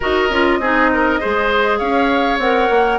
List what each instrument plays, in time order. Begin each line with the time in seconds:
0.00 bassoon D#4, clarinet F#4, oboe A#4, flute D#5
0.29 bassoon C#4, clarinet F4
0.59 bassoon C4, clarinet D#4, oboe G#4
0.93 oboe A#4
1.20 bassoon G#3, clarinet G#4, oboe C5
1.78 bassoon C#4, oboe C#5, flute F5
2.38 bassoon C4, clarinet A#4, flute F#5
2.69 bassoon A#3